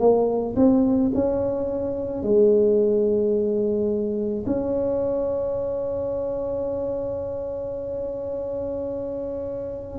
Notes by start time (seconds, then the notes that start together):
0.00 A#3
0.56 C4
1.14 C#4
2.23 G#3
4.46 C#4